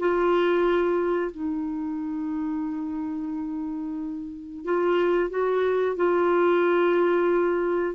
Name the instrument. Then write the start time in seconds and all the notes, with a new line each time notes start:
clarinet
0.00 F4
1.32 D#4
4.65 F4
5.30 F#4
5.97 F4